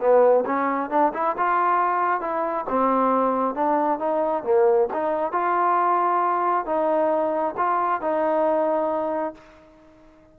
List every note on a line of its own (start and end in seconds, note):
0.00 0.44 B3
0.45 0.90 C#4
0.90 1.12 D4
1.14 1.36 E4
1.37 2.21 F4
2.21 2.65 E4
2.69 3.55 C4
3.55 3.99 D4
3.99 4.43 D#4
4.44 4.88 A#3
4.93 5.32 D#4
5.32 6.65 F4
6.66 7.55 D#4
7.57 8.01 F4
8.01 9.34 D#4